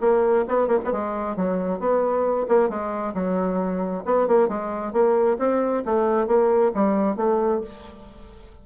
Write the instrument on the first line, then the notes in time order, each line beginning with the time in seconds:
bassoon
0.00 A#3
0.48 B3
0.67 A#3
0.84 B3
0.92 G#3
1.36 F#3
1.79 B3
2.48 A#3
2.69 G#3
3.14 F#3
4.05 B3
4.27 A#3
4.48 G#3
4.92 A#3
5.39 C4
5.85 A3
6.27 A#3
6.74 G3
7.16 A3